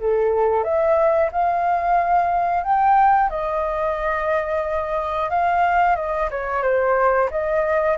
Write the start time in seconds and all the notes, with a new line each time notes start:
0.00 A4
0.64 E5
1.32 F5
2.63 G5
3.30 D#5
5.30 F5
5.96 D#5
6.30 C#5
6.62 C5
7.31 D#5